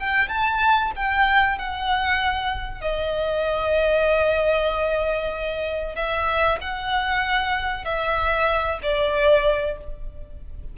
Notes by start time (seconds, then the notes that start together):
0.00 G5
0.29 A5
0.96 G5
1.58 F#5
2.81 D#5
5.95 E5
6.61 F#5
7.85 E5
8.83 D5